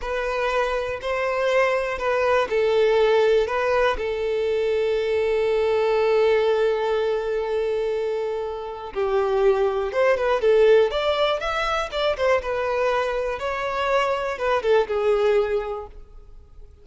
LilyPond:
\new Staff \with { instrumentName = "violin" } { \time 4/4 \tempo 4 = 121 b'2 c''2 | b'4 a'2 b'4 | a'1~ | a'1~ |
a'2 g'2 | c''8 b'8 a'4 d''4 e''4 | d''8 c''8 b'2 cis''4~ | cis''4 b'8 a'8 gis'2 | }